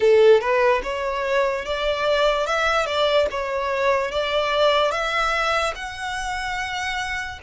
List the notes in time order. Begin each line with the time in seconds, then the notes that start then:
0.00 A4
0.40 B4
0.83 C#5
1.65 D5
2.46 E5
2.85 D5
3.30 C#5
4.11 D5
4.91 E5
5.75 F#5